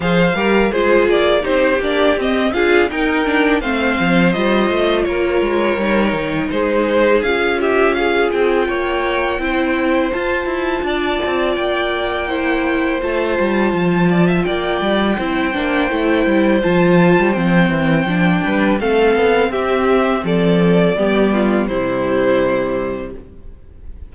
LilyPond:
<<
  \new Staff \with { instrumentName = "violin" } { \time 4/4 \tempo 4 = 83 f''4 c''8 d''8 c''8 d''8 dis''8 f''8 | g''4 f''4 dis''4 cis''4~ | cis''4 c''4 f''8 e''8 f''8 g''8~ | g''2 a''2 |
g''2 a''2 | g''2. a''4 | g''2 f''4 e''4 | d''2 c''2 | }
  \new Staff \with { instrumentName = "violin" } { \time 4/4 c''8 ais'8 gis'4 g'4. gis'8 | ais'4 c''2 ais'4~ | ais'4 gis'4. g'8 gis'4 | cis''4 c''2 d''4~ |
d''4 c''2~ c''8 d''16 e''16 | d''4 c''2.~ | c''4. b'8 a'4 g'4 | a'4 g'8 f'8 e'2 | }
  \new Staff \with { instrumentName = "viola" } { \time 4/4 gis'8 g'8 f'4 dis'8 d'8 c'8 f'8 | dis'8 d'8 c'4 f'2 | dis'2 f'2~ | f'4 e'4 f'2~ |
f'4 e'4 f'2~ | f'4 e'8 d'8 e'4 f'4 | c'4 d'4 c'2~ | c'4 b4 g2 | }
  \new Staff \with { instrumentName = "cello" } { \time 4/4 f8 g8 gis8 ais8 c'8 ais8 c'8 d'8 | dis'4 a8 f8 g8 a8 ais8 gis8 | g8 dis8 gis4 cis'4. c'8 | ais4 c'4 f'8 e'8 d'8 c'8 |
ais2 a8 g8 f4 | ais8 g8 c'8 ais8 a8 g8 f8. g16 | f8 e8 f8 g8 a8 b8 c'4 | f4 g4 c2 | }
>>